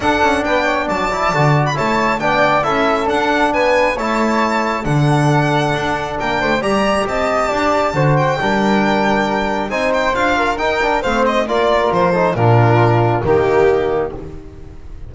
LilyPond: <<
  \new Staff \with { instrumentName = "violin" } { \time 4/4 \tempo 4 = 136 fis''4 g''4 a''4.~ a''16 b''16 | a''4 g''4 e''4 fis''4 | gis''4 a''2 fis''4~ | fis''2 g''4 ais''4 |
a''2~ a''8 g''4.~ | g''2 gis''8 g''8 f''4 | g''4 f''8 dis''8 d''4 c''4 | ais'2 g'2 | }
  \new Staff \with { instrumentName = "flute" } { \time 4/4 a'4 b'8 cis''8 d''2 | cis''4 d''4 a'2 | b'4 cis''2 a'4~ | a'2 ais'8 c''8 d''4 |
dis''4 d''4 c''4 ais'4~ | ais'2 c''4. ais'8~ | ais'4 c''4 ais'4. a'8 | f'2 dis'2 | }
  \new Staff \with { instrumentName = "trombone" } { \time 4/4 d'2~ d'8 e'8 fis'4 | e'4 d'4 e'4 d'4~ | d'4 e'2 d'4~ | d'2. g'4~ |
g'2 fis'4 d'4~ | d'2 dis'4 f'4 | dis'8 d'8 c'4 f'4. dis'8 | d'2 ais2 | }
  \new Staff \with { instrumentName = "double bass" } { \time 4/4 d'8 cis'8 b4 fis4 d4 | a4 b4 cis'4 d'4 | b4 a2 d4~ | d4 d'4 ais8 a8 g4 |
c'4 d'4 d4 g4~ | g2 c'4 d'4 | dis'4 a4 ais4 f4 | ais,2 dis2 | }
>>